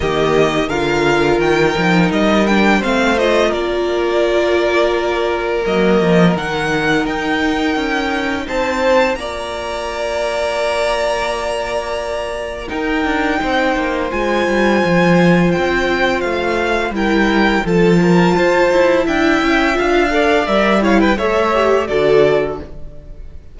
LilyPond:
<<
  \new Staff \with { instrumentName = "violin" } { \time 4/4 \tempo 4 = 85 dis''4 f''4 g''4 dis''8 g''8 | f''8 dis''8 d''2. | dis''4 fis''4 g''2 | a''4 ais''2.~ |
ais''2 g''2 | gis''2 g''4 f''4 | g''4 a''2 g''4 | f''4 e''8 f''16 g''16 e''4 d''4 | }
  \new Staff \with { instrumentName = "violin" } { \time 4/4 g'4 ais'2. | c''4 ais'2.~ | ais'1 | c''4 d''2.~ |
d''2 ais'4 c''4~ | c''1 | ais'4 a'8 ais'8 c''4 e''4~ | e''8 d''4 cis''16 b'16 cis''4 a'4 | }
  \new Staff \with { instrumentName = "viola" } { \time 4/4 ais4 f'4. dis'4 d'8 | c'8 f'2.~ f'8 | ais4 dis'2.~ | dis'4 f'2.~ |
f'2 dis'2 | f'1 | e'4 f'2 e'4 | f'8 a'8 ais'8 e'8 a'8 g'8 fis'4 | }
  \new Staff \with { instrumentName = "cello" } { \time 4/4 dis4 d4 dis8 f8 g4 | a4 ais2. | fis8 f8 dis4 dis'4 cis'4 | c'4 ais2.~ |
ais2 dis'8 d'8 c'8 ais8 | gis8 g8 f4 c'4 a4 | g4 f4 f'8 e'8 d'8 cis'8 | d'4 g4 a4 d4 | }
>>